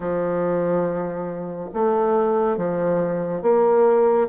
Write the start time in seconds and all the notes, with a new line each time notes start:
0.00 F3
1.73 A3
2.57 F3
3.42 A#3